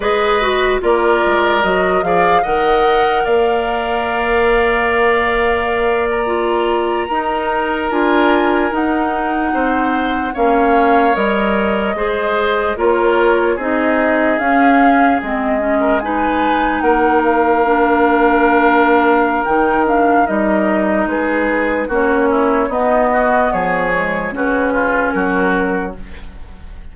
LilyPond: <<
  \new Staff \with { instrumentName = "flute" } { \time 4/4 \tempo 4 = 74 dis''4 d''4 dis''8 f''8 fis''4 | f''2.~ f''8 ais''8~ | ais''4.~ ais''16 gis''4 fis''4~ fis''16~ | fis''8. f''4 dis''2 cis''16~ |
cis''8. dis''4 f''4 dis''4 gis''16~ | gis''8. fis''8 f''2~ f''8. | g''8 f''8 dis''4 b'4 cis''4 | dis''4 cis''4 b'4 ais'4 | }
  \new Staff \with { instrumentName = "oboe" } { \time 4/4 b'4 ais'4. d''8 dis''4 | d''1~ | d''8. ais'2. c''16~ | c''8. cis''2 c''4 ais'16~ |
ais'8. gis'2~ gis'8. ais'16 b'16~ | b'8. ais'2.~ ais'16~ | ais'2 gis'4 fis'8 e'8 | dis'8 fis'8 gis'4 fis'8 f'8 fis'4 | }
  \new Staff \with { instrumentName = "clarinet" } { \time 4/4 gis'8 fis'8 f'4 fis'8 gis'8 ais'4~ | ais'2.~ ais'8. f'16~ | f'8. dis'4 f'4 dis'4~ dis'16~ | dis'8. cis'4 ais'4 gis'4 f'16~ |
f'8. dis'4 cis'4 c'8 cis'8 dis'16~ | dis'4.~ dis'16 d'2~ d'16 | dis'8 d'8 dis'2 cis'4 | b4. gis8 cis'2 | }
  \new Staff \with { instrumentName = "bassoon" } { \time 4/4 gis4 ais8 gis8 fis8 f8 dis4 | ais1~ | ais8. dis'4 d'4 dis'4 c'16~ | c'8. ais4 g4 gis4 ais16~ |
ais8. c'4 cis'4 gis4~ gis16~ | gis8. ais2.~ ais16 | dis4 g4 gis4 ais4 | b4 f4 cis4 fis4 | }
>>